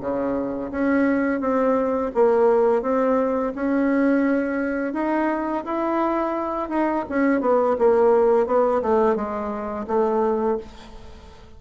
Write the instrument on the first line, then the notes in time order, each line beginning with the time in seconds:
bassoon
0.00 C#3
0.71 C#4
1.40 C4
2.14 A#3
2.82 C4
3.55 C#4
4.93 D#4
5.64 E4
6.69 D#4
7.09 C#4
7.41 B3
7.78 A#3
8.46 B3
8.81 A3
9.15 G#3
9.87 A3